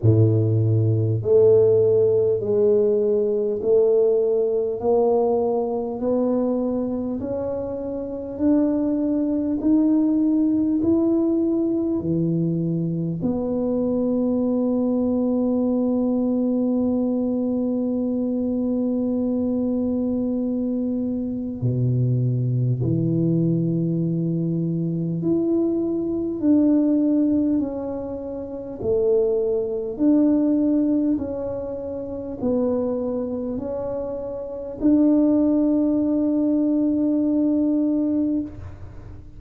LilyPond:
\new Staff \with { instrumentName = "tuba" } { \time 4/4 \tempo 4 = 50 a,4 a4 gis4 a4 | ais4 b4 cis'4 d'4 | dis'4 e'4 e4 b4~ | b1~ |
b2 b,4 e4~ | e4 e'4 d'4 cis'4 | a4 d'4 cis'4 b4 | cis'4 d'2. | }